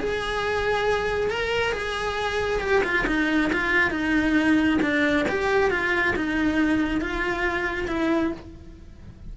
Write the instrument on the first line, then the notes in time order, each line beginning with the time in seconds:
cello
0.00 G#4
1.30 A#4
1.72 G#4
2.60 G4
2.84 F4
3.07 D#4
3.53 F4
3.91 D#4
4.82 D4
5.29 G4
5.71 F4
6.16 D#4
7.01 F4
7.88 E4